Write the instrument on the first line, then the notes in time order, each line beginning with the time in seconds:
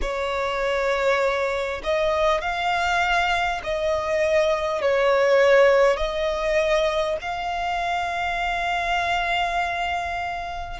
violin
0.01 C#5
1.83 D#5
2.41 F5
3.63 D#5
4.81 C#5
5.96 D#5
7.21 F5